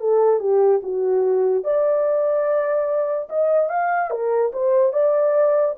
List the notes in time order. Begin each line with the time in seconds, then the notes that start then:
0.00 A4
0.40 G4
0.83 F#4
1.64 D5
3.29 D#5
3.69 F5
4.11 A#4
4.53 C5
4.93 D5